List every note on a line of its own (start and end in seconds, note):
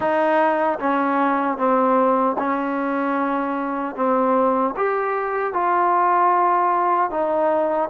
0.00 0.78 D#4
0.79 1.57 C#4
1.57 2.36 C4
2.38 3.95 C#4
3.95 4.74 C4
4.76 5.53 G4
5.53 7.10 F4
7.10 7.89 D#4